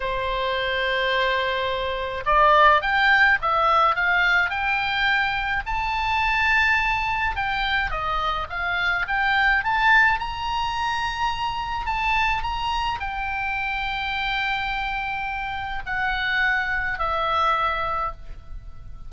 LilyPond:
\new Staff \with { instrumentName = "oboe" } { \time 4/4 \tempo 4 = 106 c''1 | d''4 g''4 e''4 f''4 | g''2 a''2~ | a''4 g''4 dis''4 f''4 |
g''4 a''4 ais''2~ | ais''4 a''4 ais''4 g''4~ | g''1 | fis''2 e''2 | }